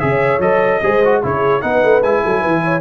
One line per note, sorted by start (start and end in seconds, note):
0.00 0.40 C#3
0.00 0.41 G#4
0.00 0.83 C#5
0.00 0.40 E5
0.40 0.80 F#3
0.40 0.81 A4
0.40 1.22 D#5
0.83 1.23 G#3
0.83 1.04 G#4
0.83 1.23 C5
1.05 1.23 F#4
1.23 1.63 C#3
1.23 1.62 E4
1.23 1.63 G#4
1.23 1.62 C#5
1.62 1.83 B3
1.62 2.02 D#4
1.62 2.23 B4
1.62 2.02 F#5
1.83 2.03 A3
2.03 2.23 G#3
2.03 2.81 E4
2.03 2.81 G#5
2.23 2.46 F#3
2.23 2.41 A4
2.41 2.81 E3
2.41 2.61 B4
2.64 2.81 C#5